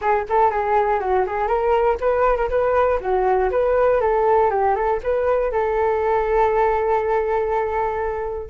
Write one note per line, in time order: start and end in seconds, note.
0.01 0.26 G#4
0.29 0.50 A4
0.50 1.00 G#4
1.00 1.25 F#4
1.26 1.47 G#4
1.47 1.97 A#4
2.00 2.36 B4
2.36 2.49 A#4
2.49 2.99 B4
3.00 3.50 F#4
3.50 4.00 B4
4.00 4.50 A4
4.50 4.75 G4
4.75 5.00 A4
5.03 5.51 B4
5.51 8.49 A4